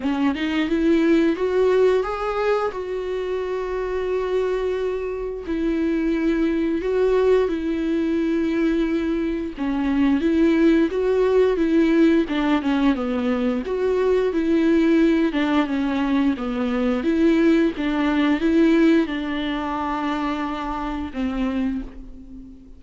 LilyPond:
\new Staff \with { instrumentName = "viola" } { \time 4/4 \tempo 4 = 88 cis'8 dis'8 e'4 fis'4 gis'4 | fis'1 | e'2 fis'4 e'4~ | e'2 cis'4 e'4 |
fis'4 e'4 d'8 cis'8 b4 | fis'4 e'4. d'8 cis'4 | b4 e'4 d'4 e'4 | d'2. c'4 | }